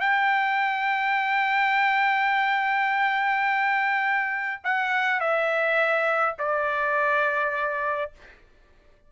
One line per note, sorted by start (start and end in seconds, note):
0.00 4.62 G5
4.64 5.20 F#5
5.20 6.35 E5
6.39 8.12 D5